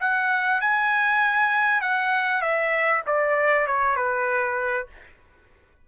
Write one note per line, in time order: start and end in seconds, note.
0.00 0.61 F#5
0.61 1.81 G#5
1.81 2.41 F#5
2.41 3.02 E5
3.06 3.66 D5
3.66 3.96 C#5
3.96 4.87 B4